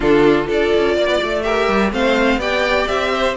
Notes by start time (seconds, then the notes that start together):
0.00 D3 D4 F4 A4
0.45 D4 F4 A4 D5
0.75 C#4
0.95 A#3 D5
1.07 B3
1.22 A3
1.42 G4 A#4 E5
1.68 G3
1.91 A3 C4 C5 F5
2.37 B3 G4 D5 G5
2.87 C4 E5
3.14 C5